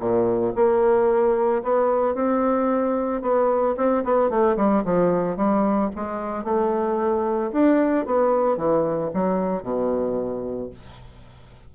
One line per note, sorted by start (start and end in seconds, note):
0.00 0.54 A#2
0.56 1.63 A#3
1.63 2.15 B3
2.15 3.22 C4
3.22 3.75 B3
3.77 4.04 C4
4.04 4.30 B3
4.30 4.57 A3
4.57 4.84 G3
4.85 5.37 F3
5.37 5.90 G3
5.95 6.44 G#3
6.44 7.51 A3
7.52 8.06 D4
8.06 8.57 B3
8.57 9.11 E3
9.14 9.63 F#3
9.63 10.70 B2